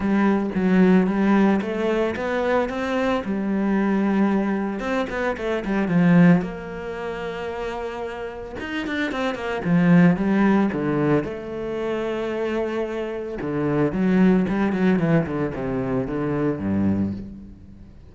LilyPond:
\new Staff \with { instrumentName = "cello" } { \time 4/4 \tempo 4 = 112 g4 fis4 g4 a4 | b4 c'4 g2~ | g4 c'8 b8 a8 g8 f4 | ais1 |
dis'8 d'8 c'8 ais8 f4 g4 | d4 a2.~ | a4 d4 fis4 g8 fis8 | e8 d8 c4 d4 g,4 | }